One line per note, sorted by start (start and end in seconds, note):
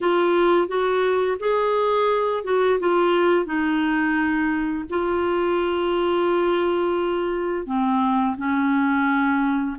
0.01 0.68 F4
0.68 1.37 F#4
1.39 2.44 G#4
2.44 2.79 F#4
2.79 3.45 F4
3.45 4.85 D#4
4.89 7.66 F4
7.66 8.36 C4
8.37 9.76 C#4